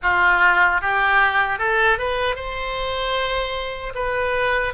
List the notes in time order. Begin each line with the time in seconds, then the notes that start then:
0.02 F4
0.81 G4
1.58 A4
1.98 B4
2.35 C5
3.94 B4